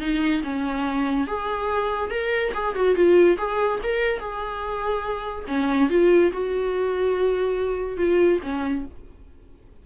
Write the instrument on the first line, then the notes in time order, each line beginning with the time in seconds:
viola
0.00 D#4
0.43 C#4
1.27 G#4
2.11 A#4
2.54 G#4
2.75 F#4
2.95 F4
3.38 G#4
3.83 A#4
4.19 G#4
5.48 C#4
5.90 F4
6.32 F#4
7.97 F4
8.43 C#4